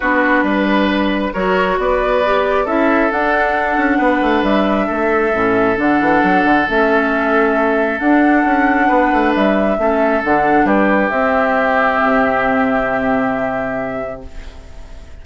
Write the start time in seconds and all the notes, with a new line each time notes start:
0.00 B3 D4 F#4 B4
0.42 G3 B4
1.33 F#3 F#4 A#4 C#5
1.77 B3 B4 D5
2.25 G4
2.64 C#4 E4 A4 E5
3.10 D4 F#5
3.77 C#4
3.98 B3 B4
4.21 A3
4.42 G3 E5
4.86 A3 A4
5.32 A2 C#4
5.76 D3 D4 F#5
6.00 E3
6.22 F#3
6.44 D3
6.68 A3 C#4 E5
7.99 D4 F#5
8.44 C#4
8.87 B3 B4
9.12 A3
9.34 G3 E5
9.78 A3 C#4 A4
10.23 D3 D4 F#5
10.64 G3 G4 B4
11.10 C4 E5
12.03 C3